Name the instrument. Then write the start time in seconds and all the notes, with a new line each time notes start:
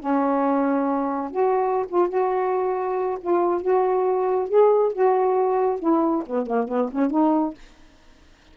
saxophone
0.00 C#4
1.31 F#4
1.89 F4
2.09 F#4
3.21 F4
3.62 F#4
4.49 G#4
4.93 F#4
5.80 E4
6.27 B3
6.47 A#3
6.68 B3
6.92 C#4
7.11 D#4